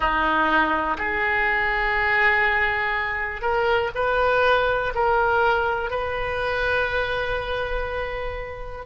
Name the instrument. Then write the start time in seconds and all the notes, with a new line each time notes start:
oboe
0.00 D#4
0.97 G#4
3.41 A#4
3.94 B4
4.94 A#4
5.90 B4